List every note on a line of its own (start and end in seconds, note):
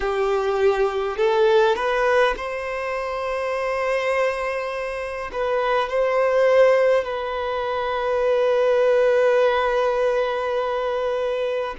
0.00 1.17 G4
1.17 1.75 A4
1.75 2.34 B4
2.36 5.30 C5
5.32 5.89 B4
5.89 7.04 C5
7.04 11.75 B4